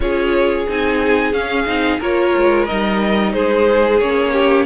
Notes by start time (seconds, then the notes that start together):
0.00 C#4 F4 G#4 C#5
0.68 C4 D#4 G#5
1.32 C#4 F5
1.66 C4 D#4
1.99 A#3 F4 A#4 C#5
2.36 G#3
2.66 G3 D#4 D#5
3.32 G#3 G#4 C5
3.99 A#3 C#4 C#5
4.32 G4